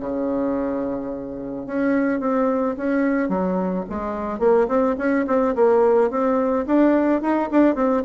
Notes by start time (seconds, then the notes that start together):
0.00 C#3
1.66 C#4
2.20 C4
2.77 C#4
3.29 F#3
3.89 G#3
4.39 A#3
4.68 C4
4.98 C#4
5.27 C4
5.55 A#3
6.10 C4
6.66 D4
7.22 D#4
7.51 D4
7.75 C4